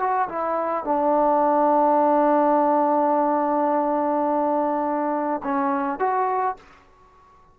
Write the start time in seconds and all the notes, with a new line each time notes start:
0.00 F#4
0.29 E4
0.85 D4
5.44 C#4
5.99 F#4